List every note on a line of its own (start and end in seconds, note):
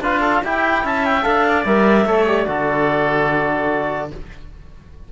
0.00 0.41 D4
0.00 0.43 F4
0.00 0.20 B4
0.00 0.43 F5
0.20 0.40 A4
0.44 0.84 E4
0.44 1.22 E4
0.44 0.85 G4
0.44 0.85 G5
0.84 1.24 C#4
0.84 1.46 E5
0.84 1.04 A5
1.04 1.23 G5
1.22 1.65 D4
1.22 1.63 A4
1.22 1.64 F5
1.48 2.06 D5
1.64 2.05 G3
1.64 2.07 A#4
1.64 2.25 E5
2.05 2.45 A3
2.05 2.27 A4
2.05 2.47 C#5
2.27 2.47 G4
2.27 4.10 D5
2.47 4.11 D3
2.47 4.10 F#4
2.47 4.12 A4